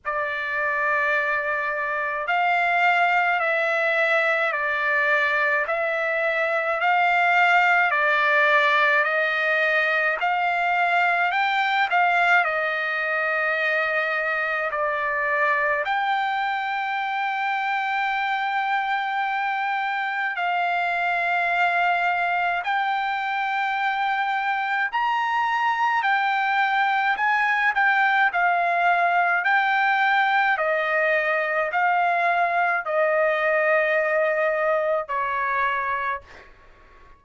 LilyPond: \new Staff \with { instrumentName = "trumpet" } { \time 4/4 \tempo 4 = 53 d''2 f''4 e''4 | d''4 e''4 f''4 d''4 | dis''4 f''4 g''8 f''8 dis''4~ | dis''4 d''4 g''2~ |
g''2 f''2 | g''2 ais''4 g''4 | gis''8 g''8 f''4 g''4 dis''4 | f''4 dis''2 cis''4 | }